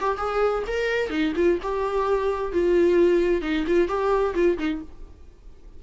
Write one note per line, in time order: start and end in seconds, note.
0.00 0.17 G4
0.17 0.63 G#4
0.67 1.09 A#4
1.09 1.32 D#4
1.35 1.58 F4
1.62 2.52 G4
2.52 3.41 F4
3.41 3.64 D#4
3.67 3.88 F4
3.88 4.34 G4
4.34 4.57 F4
4.58 4.81 D#4